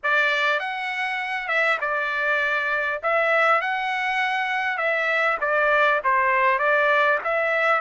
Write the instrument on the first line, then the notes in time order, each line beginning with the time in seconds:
trumpet
0.03 D5
0.59 F#5
1.48 E5
1.81 D5
3.02 E5
3.61 F#5
4.77 E5
5.40 D5
6.04 C5
6.58 D5
7.24 E5